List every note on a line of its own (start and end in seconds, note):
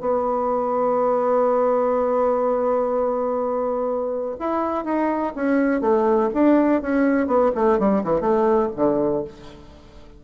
0.00 4.35 B3
4.39 4.85 E4
4.85 5.33 D#4
5.35 5.81 C#4
5.81 6.29 A3
6.34 6.82 D4
6.82 7.27 C#4
7.27 7.51 B3
7.55 7.79 A3
7.79 8.03 G3
8.04 8.20 E3
8.20 8.69 A3
8.76 9.24 D3